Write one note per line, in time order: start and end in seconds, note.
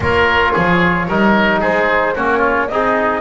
0.00 0.52 A#3
0.00 1.08 F4
0.00 0.52 A#4
0.00 1.61 C#5
0.52 1.08 F3
0.52 1.06 G#4
1.08 1.61 G3
1.08 2.16 D#4
1.08 1.60 A#4
1.60 2.16 G#3
1.60 2.14 G#4
1.60 2.16 C5
2.15 2.70 A#3
2.15 2.69 C#4
2.15 2.38 F#4
2.15 2.68 C#5
2.38 2.65 F4
2.68 3.20 C4
2.68 3.20 D#4
2.68 3.20 G#4
2.68 3.20 D#5